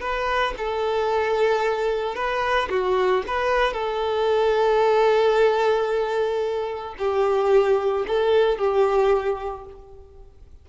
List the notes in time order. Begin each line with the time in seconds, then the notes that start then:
0.00 B4
0.57 A4
2.15 B4
2.69 F#4
3.27 B4
3.73 A4
6.98 G4
8.07 A4
8.58 G4